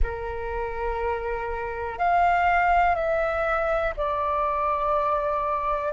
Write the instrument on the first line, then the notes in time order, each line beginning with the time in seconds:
flute
0.02 A#4
1.98 F5
2.95 E5
3.97 D5